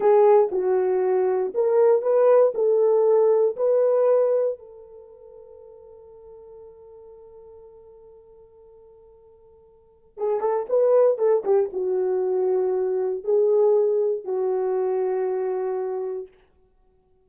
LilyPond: \new Staff \with { instrumentName = "horn" } { \time 4/4 \tempo 4 = 118 gis'4 fis'2 ais'4 | b'4 a'2 b'4~ | b'4 a'2.~ | a'1~ |
a'1 | gis'8 a'8 b'4 a'8 g'8 fis'4~ | fis'2 gis'2 | fis'1 | }